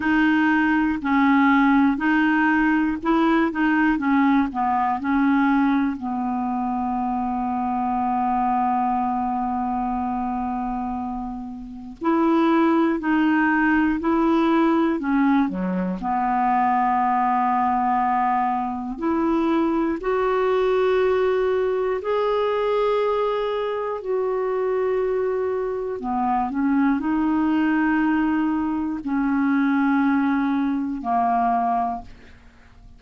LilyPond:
\new Staff \with { instrumentName = "clarinet" } { \time 4/4 \tempo 4 = 60 dis'4 cis'4 dis'4 e'8 dis'8 | cis'8 b8 cis'4 b2~ | b1 | e'4 dis'4 e'4 cis'8 fis8 |
b2. e'4 | fis'2 gis'2 | fis'2 b8 cis'8 dis'4~ | dis'4 cis'2 ais4 | }